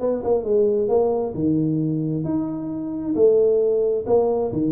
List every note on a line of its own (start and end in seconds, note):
0.00 0.23 B3
0.24 0.44 A#3
0.44 0.88 G#3
0.88 1.33 A#3
1.34 2.24 D#3
2.24 3.14 D#4
3.15 4.05 A3
4.06 4.51 A#3
4.52 4.72 D#3